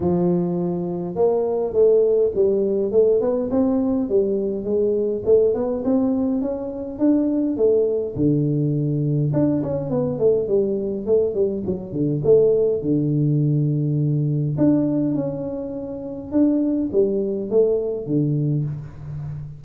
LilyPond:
\new Staff \with { instrumentName = "tuba" } { \time 4/4 \tempo 4 = 103 f2 ais4 a4 | g4 a8 b8 c'4 g4 | gis4 a8 b8 c'4 cis'4 | d'4 a4 d2 |
d'8 cis'8 b8 a8 g4 a8 g8 | fis8 d8 a4 d2~ | d4 d'4 cis'2 | d'4 g4 a4 d4 | }